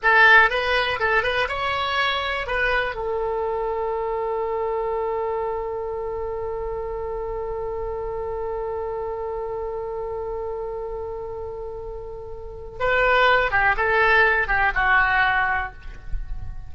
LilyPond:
\new Staff \with { instrumentName = "oboe" } { \time 4/4 \tempo 4 = 122 a'4 b'4 a'8 b'8 cis''4~ | cis''4 b'4 a'2~ | a'1~ | a'1~ |
a'1~ | a'1~ | a'2 b'4. g'8 | a'4. g'8 fis'2 | }